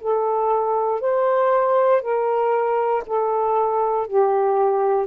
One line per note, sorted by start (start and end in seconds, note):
0.00 1.00 A4
1.00 2.02 C5
2.02 3.03 A#4
3.06 4.07 A4
4.07 5.06 G4